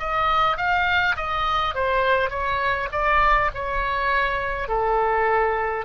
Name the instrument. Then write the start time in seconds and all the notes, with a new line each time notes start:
oboe
0.00 D#5
0.57 F5
1.17 D#5
1.75 C5
2.30 C#5
2.92 D5
3.55 C#5
4.68 A4